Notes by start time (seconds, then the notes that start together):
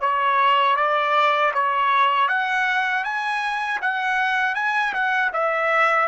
0.00 C#5
0.76 D5
1.54 C#5
2.28 F#5
3.04 G#5
3.81 F#5
4.55 G#5
4.93 F#5
5.33 E5